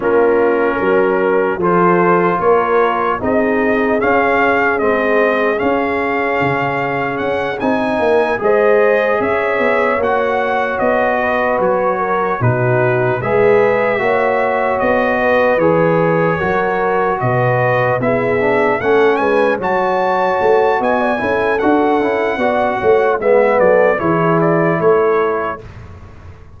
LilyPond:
<<
  \new Staff \with { instrumentName = "trumpet" } { \time 4/4 \tempo 4 = 75 ais'2 c''4 cis''4 | dis''4 f''4 dis''4 f''4~ | f''4 fis''8 gis''4 dis''4 e''8~ | e''8 fis''4 dis''4 cis''4 b'8~ |
b'8 e''2 dis''4 cis''8~ | cis''4. dis''4 e''4 fis''8 | gis''8 a''4. gis''4 fis''4~ | fis''4 e''8 d''8 cis''8 d''8 cis''4 | }
  \new Staff \with { instrumentName = "horn" } { \time 4/4 f'4 ais'4 a'4 ais'4 | gis'1~ | gis'2 ais'8 c''4 cis''8~ | cis''2 b'4 ais'8 fis'8~ |
fis'8 b'4 cis''4. b'4~ | b'8 ais'4 b'4 gis'4 a'8 | b'8 cis''4. dis''16 d''16 a'4. | d''8 cis''8 b'8 a'8 gis'4 a'4 | }
  \new Staff \with { instrumentName = "trombone" } { \time 4/4 cis'2 f'2 | dis'4 cis'4 c'4 cis'4~ | cis'4. dis'4 gis'4.~ | gis'8 fis'2. dis'8~ |
dis'8 gis'4 fis'2 gis'8~ | gis'8 fis'2 e'8 d'8 cis'8~ | cis'8 fis'2 e'8 fis'8 e'8 | fis'4 b4 e'2 | }
  \new Staff \with { instrumentName = "tuba" } { \time 4/4 ais4 fis4 f4 ais4 | c'4 cis'4 gis4 cis'4 | cis4 cis'8 c'8 ais8 gis4 cis'8 | b8 ais4 b4 fis4 b,8~ |
b,8 gis4 ais4 b4 e8~ | e8 fis4 b,4 b4 a8 | gis8 fis4 a8 b8 cis'8 d'8 cis'8 | b8 a8 gis8 fis8 e4 a4 | }
>>